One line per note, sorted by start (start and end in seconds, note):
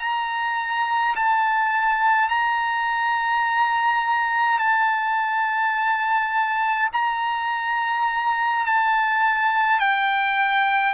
0.00 1.15 A#5
1.16 2.29 A5
2.29 4.59 A#5
4.59 6.90 A5
6.93 8.66 A#5
8.66 9.80 A5
9.80 10.95 G5